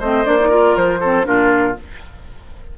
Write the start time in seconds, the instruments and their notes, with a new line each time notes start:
0.00 bassoon A3, clarinet C4, oboe C5, flute D#5
0.25 bassoon A#3, clarinet D4, flute D5
0.40 clarinet D#4
0.49 clarinet F4, oboe A#4
0.76 bassoon F3, flute C5
1.01 clarinet C4, oboe A4
1.24 bassoon A#2, clarinet D4, oboe F4, flute A#4